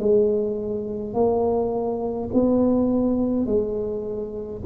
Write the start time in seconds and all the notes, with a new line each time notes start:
0.00 G#3
1.14 A#3
2.34 B3
3.47 G#3